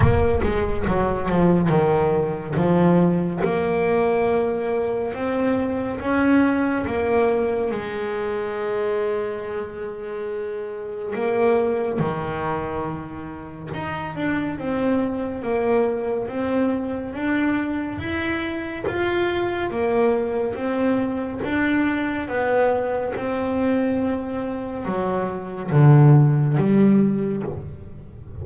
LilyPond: \new Staff \with { instrumentName = "double bass" } { \time 4/4 \tempo 4 = 70 ais8 gis8 fis8 f8 dis4 f4 | ais2 c'4 cis'4 | ais4 gis2.~ | gis4 ais4 dis2 |
dis'8 d'8 c'4 ais4 c'4 | d'4 e'4 f'4 ais4 | c'4 d'4 b4 c'4~ | c'4 fis4 d4 g4 | }